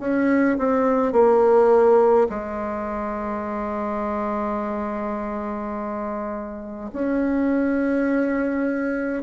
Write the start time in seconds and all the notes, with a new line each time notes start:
0.00 C#4
0.58 C4
1.13 A#3
2.30 G#3
6.93 C#4